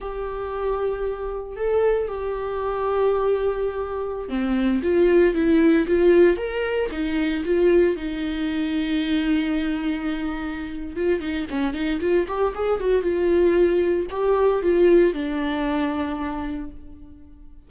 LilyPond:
\new Staff \with { instrumentName = "viola" } { \time 4/4 \tempo 4 = 115 g'2. a'4 | g'1~ | g'16 c'4 f'4 e'4 f'8.~ | f'16 ais'4 dis'4 f'4 dis'8.~ |
dis'1~ | dis'4 f'8 dis'8 cis'8 dis'8 f'8 g'8 | gis'8 fis'8 f'2 g'4 | f'4 d'2. | }